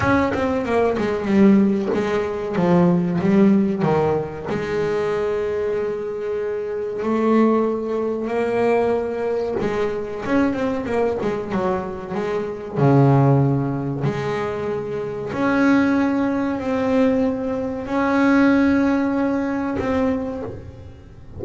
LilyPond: \new Staff \with { instrumentName = "double bass" } { \time 4/4 \tempo 4 = 94 cis'8 c'8 ais8 gis8 g4 gis4 | f4 g4 dis4 gis4~ | gis2. a4~ | a4 ais2 gis4 |
cis'8 c'8 ais8 gis8 fis4 gis4 | cis2 gis2 | cis'2 c'2 | cis'2. c'4 | }